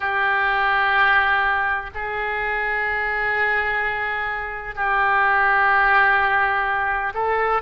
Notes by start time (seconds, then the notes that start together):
0.00 G4
1.94 G#4
4.75 G4
7.13 A4